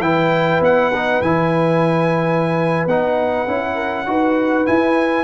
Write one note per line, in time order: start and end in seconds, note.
0.00 0.60 E3
0.00 0.93 E4
0.00 3.75 B4
0.00 0.62 G5
0.61 1.21 B3
0.61 1.22 F#5
0.94 1.24 D#4
1.22 2.87 E3
1.22 2.89 E4
1.22 2.87 G#5
2.87 3.47 B3
2.87 3.48 D#4
2.87 4.67 F#5
3.48 4.08 C#4
3.48 4.07 E4
3.75 4.05 A#4
4.07 4.67 D#4
4.07 4.67 F#4
4.07 5.24 B4
4.67 5.24 E4
4.67 5.24 G#5